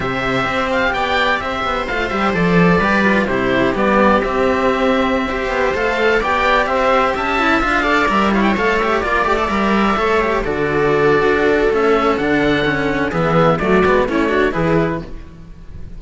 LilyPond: <<
  \new Staff \with { instrumentName = "oboe" } { \time 4/4 \tempo 4 = 128 e''4. f''8 g''4 e''4 | f''8 e''8 d''2 c''4 | d''4 e''2.~ | e''16 f''4 g''4 e''4 a''8.~ |
a''16 f''4 e''8 f''16 g''16 f''8 e''8 d''8.~ | d''16 e''2 d''4.~ d''16~ | d''4 e''4 fis''2 | e''4 d''4 cis''4 b'4 | }
  \new Staff \with { instrumentName = "viola" } { \time 4/4 c''2 d''4 c''4~ | c''2 b'4 g'4~ | g'2.~ g'16 c''8.~ | c''4~ c''16 d''4 c''4 e''8.~ |
e''8. d''4 cis''4. d''8.~ | d''4~ d''16 cis''4 a'4.~ a'16~ | a'1 | gis'4 fis'4 e'8 fis'8 gis'4 | }
  \new Staff \with { instrumentName = "cello" } { \time 4/4 g'1 | f'8 g'8 a'4 g'8 f'8 e'4 | b4 c'2~ c'16 g'8.~ | g'16 a'4 g'2~ g'8 e'16~ |
e'16 f'8 a'8 ais'8 e'8 a'8 g'8 f'8 g'16 | a'16 ais'4 a'8 g'8 fis'4.~ fis'16~ | fis'4 cis'4 d'4 cis'4 | b4 a8 b8 cis'8 d'8 e'4 | }
  \new Staff \with { instrumentName = "cello" } { \time 4/4 c4 c'4 b4 c'8 b8 | a8 g8 f4 g4 c4 | g4 c'2~ c'8. b16~ | b16 a4 b4 c'4 cis'8.~ |
cis'16 d'4 g4 a4 ais8 a16~ | a16 g4 a4 d4.~ d16 | d'4 a4 d2 | e4 fis8 gis8 a4 e4 | }
>>